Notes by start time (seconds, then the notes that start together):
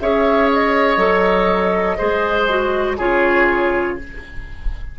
0.00 C#4 G#4 C#5 E5
0.53 D#5
0.97 F#3 A4
1.97 G#3 G#4 C5
2.49 F#4
2.98 C#3 F4 G#4 C#5